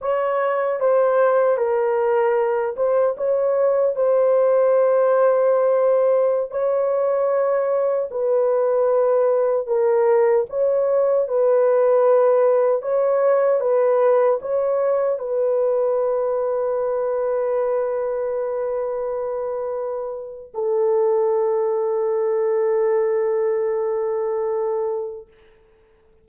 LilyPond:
\new Staff \with { instrumentName = "horn" } { \time 4/4 \tempo 4 = 76 cis''4 c''4 ais'4. c''8 | cis''4 c''2.~ | c''16 cis''2 b'4.~ b'16~ | b'16 ais'4 cis''4 b'4.~ b'16~ |
b'16 cis''4 b'4 cis''4 b'8.~ | b'1~ | b'2 a'2~ | a'1 | }